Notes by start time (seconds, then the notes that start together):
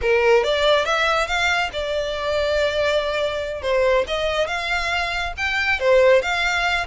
0.01 A#4
0.43 D5
0.85 E5
1.27 F5
1.72 D5
3.61 C5
4.07 D#5
4.47 F5
5.37 G5
5.79 C5
6.21 F5